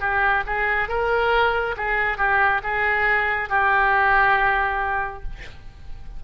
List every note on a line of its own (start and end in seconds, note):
0.00 0.43 G4
0.47 0.88 G#4
0.88 1.75 A#4
1.77 2.18 G#4
2.18 2.61 G4
2.63 3.49 G#4
3.49 5.23 G4